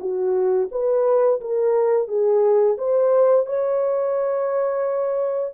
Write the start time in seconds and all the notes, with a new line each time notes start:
0.00 F#4
0.71 B4
1.40 A#4
2.08 G#4
2.78 C5
3.46 C#5